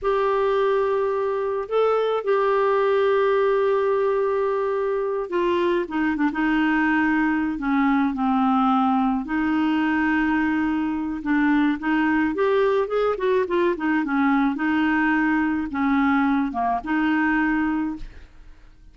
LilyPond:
\new Staff \with { instrumentName = "clarinet" } { \time 4/4 \tempo 4 = 107 g'2. a'4 | g'1~ | g'4. f'4 dis'8 d'16 dis'8.~ | dis'4. cis'4 c'4.~ |
c'8 dis'2.~ dis'8 | d'4 dis'4 g'4 gis'8 fis'8 | f'8 dis'8 cis'4 dis'2 | cis'4. ais8 dis'2 | }